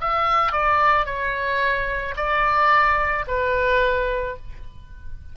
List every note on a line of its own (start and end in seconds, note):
0.00 0.52 E5
0.52 1.05 D5
1.05 2.14 C#5
2.16 3.25 D5
3.27 4.36 B4